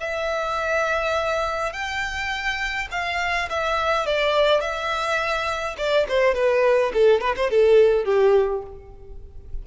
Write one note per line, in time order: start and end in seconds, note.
0.00 1.73 E5
1.73 2.88 G5
2.91 3.49 F5
3.50 4.06 E5
4.06 4.61 D5
4.61 5.76 E5
5.78 6.07 D5
6.09 6.34 C5
6.34 6.92 B4
6.94 7.21 A4
7.21 7.36 B4
7.36 7.51 C5
7.51 8.05 A4
8.05 8.63 G4